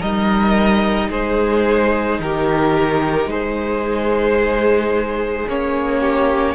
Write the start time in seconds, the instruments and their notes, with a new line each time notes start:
0.00 cello G3, viola D#4, violin A#4 D#5
1.09 cello G#3, violin G#4 C5
2.20 cello D#3, violin G4 A#4
3.26 cello G#3, violin G#4 C5
5.48 cello A#3, viola C#4, violin C#5
6.00 violin G4